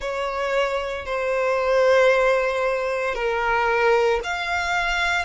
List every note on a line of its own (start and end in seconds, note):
0.00 1.05 C#5
1.05 3.14 C5
3.14 4.20 A#4
4.23 5.25 F5